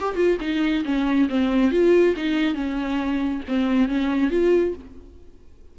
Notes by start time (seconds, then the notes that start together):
0.00 G4
0.16 F4
0.41 D#4
0.85 C#4
1.29 C4
1.71 F4
2.17 D#4
2.55 C#4
3.48 C4
3.89 C#4
4.31 F4